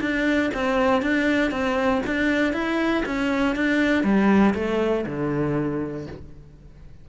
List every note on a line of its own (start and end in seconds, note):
0.00 0.50 D4
0.54 1.02 C4
1.02 1.51 D4
1.51 2.01 C4
2.06 2.53 D4
2.53 3.03 E4
3.05 3.55 C#4
3.55 4.03 D4
4.03 4.54 G3
4.54 5.05 A3
5.06 6.06 D3